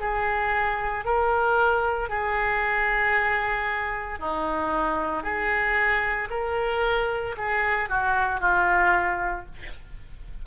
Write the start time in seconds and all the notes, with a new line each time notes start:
0.00 G#4
1.05 A#4
2.09 G#4
4.19 D#4
5.23 G#4
6.30 A#4
7.37 G#4
7.89 F#4
8.40 F4